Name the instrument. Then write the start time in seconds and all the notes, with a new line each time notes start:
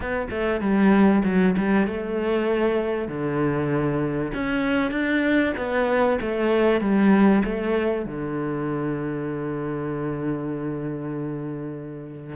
cello
0.00 B3
0.30 A3
0.60 G3
1.24 F#3
1.57 G3
1.87 A3
3.08 D3
4.34 C#4
4.91 D4
5.57 B3
6.21 A3
6.80 G3
7.44 A3
8.05 D3